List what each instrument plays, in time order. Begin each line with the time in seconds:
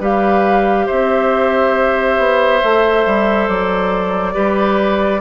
0.00 bassoon G3, clarinet G4, oboe B4, flute F5
0.87 bassoon C4, oboe C5, flute E5
2.19 bassoon B3
2.63 bassoon A3, clarinet A4
3.07 bassoon G3
3.49 bassoon F#3, flute D5
4.34 bassoon G3, clarinet G4, oboe B4